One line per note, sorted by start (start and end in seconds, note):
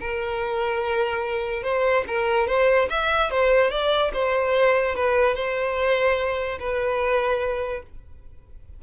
0.00 1.63 A#4
1.63 2.04 C5
2.07 2.47 A#4
2.47 2.88 C5
2.90 3.30 E5
3.30 3.70 C5
3.70 4.11 D5
4.13 4.95 C5
4.95 5.35 B4
5.35 6.58 C5
6.59 7.82 B4